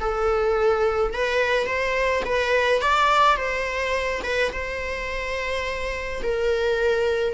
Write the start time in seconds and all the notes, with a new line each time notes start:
0.00 A4
1.13 B4
1.66 C5
2.25 B4
2.81 D5
3.36 C5
4.23 B4
4.52 C5
6.22 A#4